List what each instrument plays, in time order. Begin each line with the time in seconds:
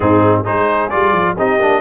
0.00 tuba G#2, trombone C4, horn D#4, trumpet G#4
0.43 tuba G#3, trombone D#4, horn G#4, trumpet C5
0.89 tuba G3, trombone F4, trumpet D5
1.12 tuba F3
1.37 tuba C4, trombone D#4, horn G4, trumpet D#5
1.58 tuba A#3, trombone D4